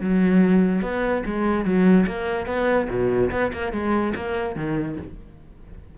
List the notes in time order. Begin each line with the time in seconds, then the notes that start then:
0.00 F#3
0.82 B3
1.25 G#3
1.64 F#3
2.07 A#3
2.46 B3
2.89 B2
3.31 B3
3.53 A#3
3.72 G#3
4.15 A#3
4.56 D#3